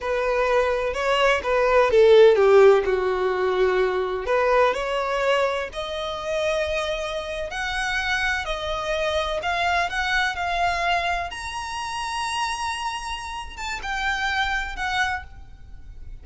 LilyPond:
\new Staff \with { instrumentName = "violin" } { \time 4/4 \tempo 4 = 126 b'2 cis''4 b'4 | a'4 g'4 fis'2~ | fis'4 b'4 cis''2 | dis''2.~ dis''8. fis''16~ |
fis''4.~ fis''16 dis''2 f''16~ | f''8. fis''4 f''2 ais''16~ | ais''1~ | ais''8 a''8 g''2 fis''4 | }